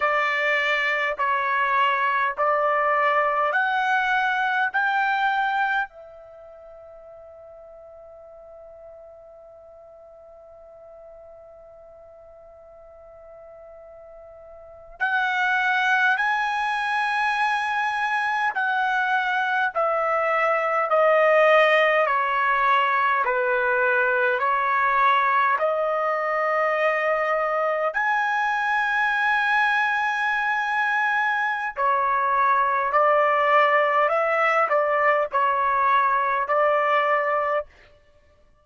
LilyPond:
\new Staff \with { instrumentName = "trumpet" } { \time 4/4 \tempo 4 = 51 d''4 cis''4 d''4 fis''4 | g''4 e''2.~ | e''1~ | e''8. fis''4 gis''2 fis''16~ |
fis''8. e''4 dis''4 cis''4 b'16~ | b'8. cis''4 dis''2 gis''16~ | gis''2. cis''4 | d''4 e''8 d''8 cis''4 d''4 | }